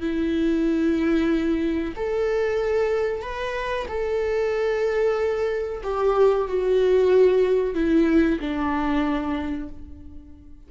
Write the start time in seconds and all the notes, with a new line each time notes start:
0.00 E4
1.96 A4
3.22 B4
3.88 A4
5.83 G4
6.47 F#4
7.74 E4
8.40 D4